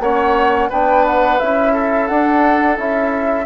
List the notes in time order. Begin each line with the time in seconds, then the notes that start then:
0.00 A#3 C#4 C#5 F#5
0.69 B3 D4 B4 G5
1.07 F#5
1.39 C#4 E4 E5
1.73 A4
2.08 D4 F#5
2.77 C#4 E4 E5